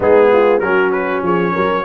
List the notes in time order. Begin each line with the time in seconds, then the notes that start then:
0.00 G#3 B3 D#4 G#4
0.32 F4
0.59 F#3 C#4 F#4 A#4
0.91 B4
1.22 F3 G#4 C#5
1.52 F#3 A#4